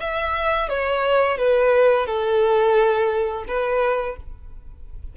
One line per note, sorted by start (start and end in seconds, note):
0.00 0.68 E5
0.68 1.37 C#5
1.37 2.06 B4
2.06 3.44 A4
3.47 4.16 B4